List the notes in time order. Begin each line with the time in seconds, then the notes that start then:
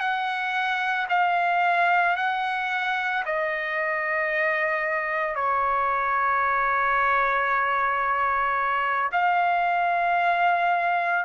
0.00 F#5
1.10 F5
2.17 F#5
3.26 D#5
5.35 C#5
9.12 F5